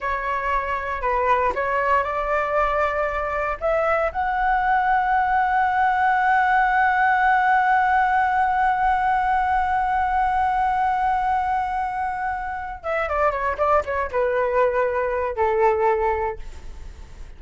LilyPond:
\new Staff \with { instrumentName = "flute" } { \time 4/4 \tempo 4 = 117 cis''2 b'4 cis''4 | d''2. e''4 | fis''1~ | fis''1~ |
fis''1~ | fis''1~ | fis''4 e''8 d''8 cis''8 d''8 cis''8 b'8~ | b'2 a'2 | }